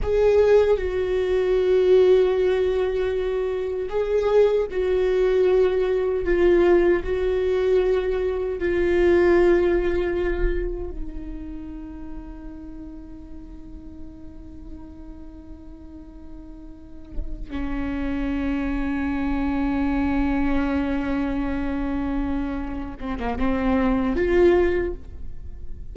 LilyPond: \new Staff \with { instrumentName = "viola" } { \time 4/4 \tempo 4 = 77 gis'4 fis'2.~ | fis'4 gis'4 fis'2 | f'4 fis'2 f'4~ | f'2 dis'2~ |
dis'1~ | dis'2~ dis'8 cis'4.~ | cis'1~ | cis'4. c'16 ais16 c'4 f'4 | }